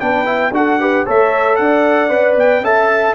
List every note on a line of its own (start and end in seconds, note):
0.00 0.52 B3
0.00 0.26 D4
0.00 0.54 B4
0.00 0.53 G5
0.26 0.52 E4
0.52 1.04 D4
0.52 0.80 F#4
0.52 0.81 A4
0.52 1.07 F#5
0.80 1.06 G4
0.80 1.06 B4
1.06 1.59 A3
1.06 2.10 A4
1.06 1.58 C#5
1.06 1.56 E5
1.56 2.11 D4
1.56 2.65 D5
1.56 2.35 F#5
2.10 2.37 C#4
2.10 2.62 B4
2.37 2.61 B3
2.37 2.65 G5
2.61 3.13 C#4
2.61 3.15 A4
2.61 3.15 E5
2.61 3.15 A5